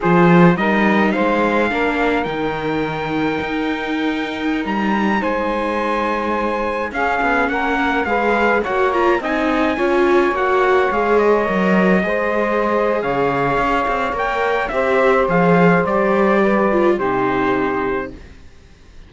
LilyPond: <<
  \new Staff \with { instrumentName = "trumpet" } { \time 4/4 \tempo 4 = 106 c''4 dis''4 f''2 | g''1~ | g''16 ais''4 gis''2~ gis''8.~ | gis''16 f''4 fis''4 f''4 fis''8 ais''16~ |
ais''16 gis''2 fis''4 f''8 dis''16~ | dis''2. f''4~ | f''4 g''4 e''4 f''4 | d''2 c''2 | }
  \new Staff \with { instrumentName = "saxophone" } { \time 4/4 gis'4 ais'4 c''4 ais'4~ | ais'1~ | ais'4~ ais'16 c''2~ c''8.~ | c''16 gis'4 ais'4 b'4 cis''8.~ |
cis''16 dis''4 cis''2~ cis''8.~ | cis''4~ cis''16 c''4.~ c''16 cis''4~ | cis''2 c''2~ | c''4 b'4 g'2 | }
  \new Staff \with { instrumentName = "viola" } { \time 4/4 f'4 dis'2 d'4 | dis'1~ | dis'1~ | dis'16 cis'2 gis'4 fis'8 f'16~ |
f'16 dis'4 f'4 fis'4 gis'8.~ | gis'16 ais'4 gis'2~ gis'8.~ | gis'4 ais'4 g'4 gis'4 | g'4. f'8 dis'2 | }
  \new Staff \with { instrumentName = "cello" } { \time 4/4 f4 g4 gis4 ais4 | dis2 dis'2~ | dis'16 g4 gis2~ gis8.~ | gis16 cis'8 b8 ais4 gis4 ais8.~ |
ais16 c'4 cis'4 ais4 gis8.~ | gis16 fis4 gis4.~ gis16 cis4 | cis'8 c'8 ais4 c'4 f4 | g2 c2 | }
>>